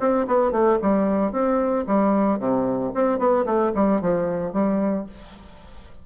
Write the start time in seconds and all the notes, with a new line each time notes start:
0.00 C4
0.27 B3
0.52 A3
0.82 G3
1.32 C4
1.87 G3
2.39 C3
2.95 C4
3.19 B3
3.46 A3
3.75 G3
4.01 F3
4.53 G3